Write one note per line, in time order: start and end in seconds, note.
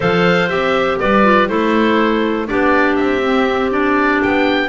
0.00 0.49 F3
0.00 0.48 A4
0.00 0.98 C5
0.00 0.49 F5
0.48 0.99 C4
0.48 1.23 G4
0.48 0.98 E5
0.99 1.50 G3
0.99 1.49 B4
0.99 1.48 D5
1.23 1.47 F4
1.48 2.49 A3
1.48 2.46 E4
1.48 2.48 A4
1.48 2.47 C5
2.46 2.98 B3
2.46 3.21 D4
2.46 4.69 G4
2.46 2.95 D5
2.95 4.22 C4
2.95 3.70 E5
3.24 3.70 C4
3.70 4.69 D4
3.70 4.21 D5
4.22 4.69 B3
4.22 4.69 G5